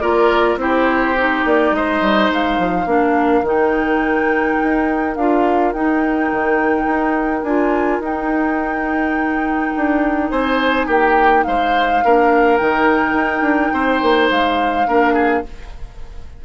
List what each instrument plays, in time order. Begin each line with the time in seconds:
0.00 bassoon A#3, clarinet F4, oboe A#4, flute D5
0.56 bassoon C4, clarinet E4, oboe G4, flute C5
1.18 clarinet D#4
1.45 bassoon A#3, flute D5
1.72 bassoon G#3, oboe C5, flute D#5
2.02 bassoon G3
2.31 bassoon G#3, flute F5
2.58 bassoon F3
2.86 bassoon A#3, clarinet D4, oboe A#4
3.42 bassoon D#3, clarinet D#4
3.48 flute G5
4.64 bassoon D#4
5.16 bassoon D4, clarinet F4, flute F5
5.73 bassoon D#4, clarinet D#4, flute G5
6.32 bassoon D#3
6.86 bassoon D#4
7.43 bassoon D4, clarinet F4, flute G#5
8.00 bassoon D#4, clarinet D#4, flute G5
9.77 bassoon D4
10.31 bassoon C4, oboe C5, flute G#5
10.87 bassoon A#3, oboe G4, flute G5
11.44 bassoon G#3, oboe C5, flute F5
12.05 bassoon A#3, clarinet D4, oboe A#4
12.58 bassoon D#3, clarinet D#4, flute G5
13.14 bassoon D#4
13.41 bassoon D4
13.74 bassoon C4, oboe C5
14.02 bassoon A#3
14.31 bassoon G#3, flute F5
14.87 bassoon A#3, clarinet D4, oboe A#4
15.14 oboe G#4